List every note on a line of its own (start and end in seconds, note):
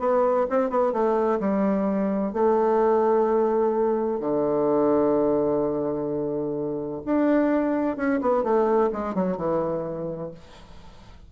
0.00 0.47 B3
0.50 0.70 C4
0.70 0.93 B3
0.93 1.40 A3
1.40 2.33 G3
2.33 4.21 A3
4.21 7.02 D3
7.06 7.97 D4
7.97 8.21 C#4
8.21 8.44 B3
8.44 8.91 A3
8.93 9.15 G#3
9.15 9.37 F#3
9.37 10.31 E3